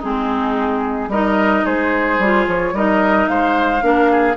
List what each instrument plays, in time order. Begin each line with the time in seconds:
0.00 bassoon G#3, clarinet C4, oboe D#4, flute G#4
1.08 bassoon G3, clarinet D#4, oboe A#4, flute D#5
1.65 bassoon G#3, oboe G#4, flute C5
2.19 bassoon G3, clarinet F4
2.47 bassoon F3, flute C#5
2.73 bassoon G3, clarinet D#4, oboe A#4, flute D#5
3.28 bassoon G#3, oboe C5, flute F5
3.81 bassoon A#3, clarinet D4, oboe A#4
4.11 oboe G#4